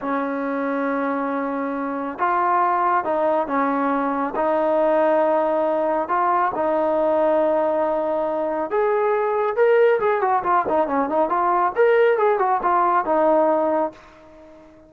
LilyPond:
\new Staff \with { instrumentName = "trombone" } { \time 4/4 \tempo 4 = 138 cis'1~ | cis'4 f'2 dis'4 | cis'2 dis'2~ | dis'2 f'4 dis'4~ |
dis'1 | gis'2 ais'4 gis'8 fis'8 | f'8 dis'8 cis'8 dis'8 f'4 ais'4 | gis'8 fis'8 f'4 dis'2 | }